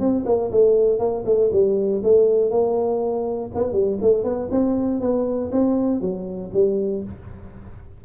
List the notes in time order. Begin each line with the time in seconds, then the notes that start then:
0.00 C4
0.26 A#3
0.52 A3
0.99 A#3
1.26 A3
1.52 G3
2.04 A3
2.51 A#3
3.55 B3
3.73 G3
4.02 A3
4.24 B3
4.52 C4
5.01 B3
5.52 C4
6.02 F#3
6.54 G3